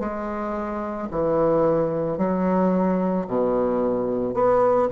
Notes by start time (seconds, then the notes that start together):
0.00 G#3
1.11 E3
2.18 F#3
3.28 B2
4.34 B3